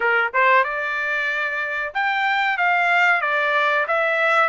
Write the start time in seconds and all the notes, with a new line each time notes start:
0.00 A#4
0.33 C5
0.64 D5
1.94 G5
2.57 F5
3.21 D5
3.87 E5